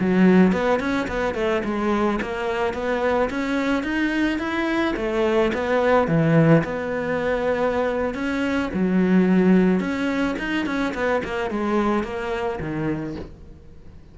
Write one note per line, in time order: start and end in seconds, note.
0.00 0.52 F#3
0.52 0.80 B3
0.80 1.07 C#4
1.08 1.35 B3
1.35 1.62 A3
1.64 2.20 G#3
2.22 2.73 A#3
2.73 3.29 B3
3.30 3.83 C#4
3.83 4.39 D#4
4.39 4.94 E4
4.96 5.52 A3
5.54 6.08 B3
6.08 6.63 E3
6.64 8.14 B3
8.14 8.70 C#4
8.73 9.80 F#3
9.80 10.36 C#4
10.39 10.66 D#4
10.66 10.94 C#4
10.94 11.22 B3
11.24 11.51 A#3
11.51 12.04 G#3
12.04 12.59 A#3
12.60 13.15 D#3